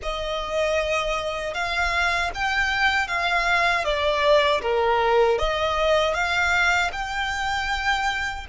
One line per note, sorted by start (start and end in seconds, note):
0.02 1.53 D#5
1.53 2.30 F5
2.34 3.07 G5
3.07 3.84 F5
3.84 4.61 D5
4.61 5.38 A#4
5.38 6.14 D#5
6.14 6.91 F5
6.92 8.46 G5